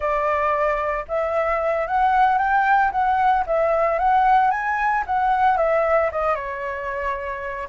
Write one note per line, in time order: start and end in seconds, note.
0.00 1.05 D5
1.07 1.87 E5
1.87 2.37 F#5
2.37 2.91 G5
2.91 3.44 F#5
3.46 3.98 E5
3.98 4.51 F#5
4.51 5.04 G#5
5.06 5.57 F#5
5.57 6.10 E5
6.11 6.35 D#5
6.35 7.68 C#5